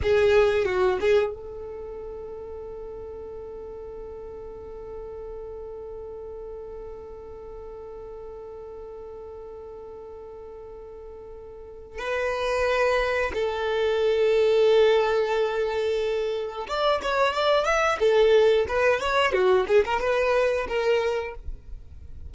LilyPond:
\new Staff \with { instrumentName = "violin" } { \time 4/4 \tempo 4 = 90 gis'4 fis'8 gis'8 a'2~ | a'1~ | a'1~ | a'1~ |
a'2 b'2 | a'1~ | a'4 d''8 cis''8 d''8 e''8 a'4 | b'8 cis''8 fis'8 gis'16 ais'16 b'4 ais'4 | }